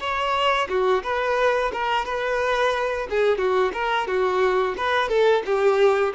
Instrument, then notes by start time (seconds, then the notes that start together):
violin
0.00 C#5
0.69 F#4
1.04 B4
1.73 A#4
2.05 B4
3.10 G#4
3.38 F#4
3.73 A#4
4.07 F#4
4.77 B4
5.09 A4
5.45 G4